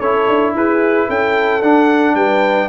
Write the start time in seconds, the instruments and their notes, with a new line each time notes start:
0.00 tuba C#4, trombone E4, horn A4, trumpet C#5
0.28 tuba D4
0.55 tuba E4, horn G#4, trumpet B4
1.07 tuba C#4, horn A4, trumpet G5
1.62 tuba D4, trombone D4, trumpet F#5
2.15 tuba G3, horn B4, trumpet G5